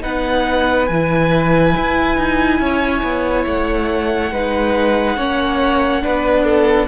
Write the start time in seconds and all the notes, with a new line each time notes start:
0.00 B3 D#4 B4 F#5
0.86 E3 G#5
0.93 E4
1.76 E4
2.17 D#4
2.59 C#4 C#5
3.02 B3
3.46 A3 F#5
4.31 G#3 D#4 B4
5.17 A#3 C#4 C#5
6.02 B3 D4 B4
6.44 A4